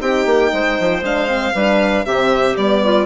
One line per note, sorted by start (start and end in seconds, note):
0.00 0.25 C4
0.00 1.02 D#4
0.00 0.51 G4
0.00 1.03 G5
0.25 0.51 A#3
0.52 0.78 G#3
0.52 1.54 C5
0.79 1.01 F3
1.01 1.52 G#3
1.01 1.27 D4
1.01 2.05 F5
1.27 1.53 C4
1.54 2.05 G3
1.54 2.05 D4
1.54 2.04 B4
2.05 2.56 C3
2.05 2.56 C4
2.05 2.82 G4
2.05 2.56 E5
2.57 3.06 G3
2.57 3.06 B3
2.57 3.06 D5
2.83 3.06 F4